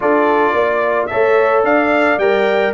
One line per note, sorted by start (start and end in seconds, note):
0.00 0.53 D4
0.00 1.10 F4
0.00 0.55 A4
0.00 1.06 D5
0.53 1.08 A#3
0.53 1.10 D5
1.06 2.20 A4
1.06 1.65 C#5
1.06 1.61 E5
1.13 1.63 A3
1.63 2.17 D4
1.63 2.73 D5
1.63 2.18 F5
2.17 2.72 G3
2.17 2.73 A#4
2.17 2.73 G5